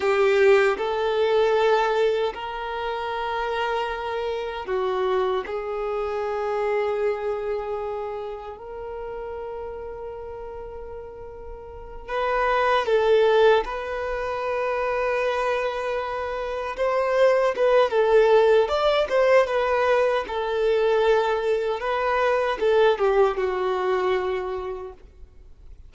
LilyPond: \new Staff \with { instrumentName = "violin" } { \time 4/4 \tempo 4 = 77 g'4 a'2 ais'4~ | ais'2 fis'4 gis'4~ | gis'2. ais'4~ | ais'2.~ ais'8 b'8~ |
b'8 a'4 b'2~ b'8~ | b'4. c''4 b'8 a'4 | d''8 c''8 b'4 a'2 | b'4 a'8 g'8 fis'2 | }